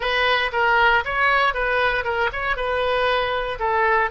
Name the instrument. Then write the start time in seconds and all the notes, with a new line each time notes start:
oboe
0.00 B4
0.52 A#4
1.04 C#5
1.53 B4
2.04 A#4
2.32 C#5
2.56 B4
3.59 A4